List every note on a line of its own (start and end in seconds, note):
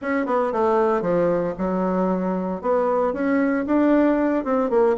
0.01 0.26 C#4
0.26 0.52 B3
0.52 1.01 A3
1.01 1.53 F3
1.57 2.61 F#3
2.61 3.13 B3
3.13 3.65 C#4
3.66 4.44 D4
4.44 4.70 C4
4.70 4.96 A#3